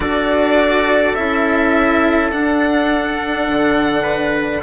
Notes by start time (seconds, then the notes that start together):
0.00 D4 F#4 A4 D5
1.14 C#4 E4 E5
2.31 D4 F#5
3.48 D3
4.02 B4